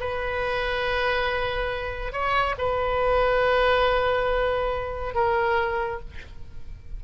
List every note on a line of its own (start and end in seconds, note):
0.00 2.13 B4
2.13 2.56 C#5
2.58 5.14 B4
5.14 6.00 A#4